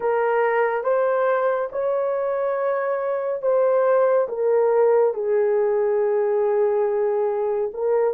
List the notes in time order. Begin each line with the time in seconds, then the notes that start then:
0.00 A#4
0.83 C5
1.71 C#5
3.42 C5
4.28 A#4
5.14 G#4
7.73 A#4